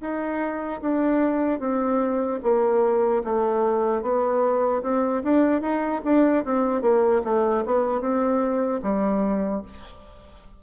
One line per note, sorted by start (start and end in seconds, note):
0.00 0.80 D#4
0.81 1.59 D4
1.59 2.39 C4
2.43 3.23 A#3
3.24 4.02 A3
4.02 4.82 B3
4.82 5.22 C4
5.23 5.61 D4
5.61 6.01 D#4
6.04 6.44 D4
6.45 6.81 C4
6.81 7.21 A#3
7.24 7.64 A3
7.65 8.00 B3
8.00 8.80 C4
8.82 9.62 G3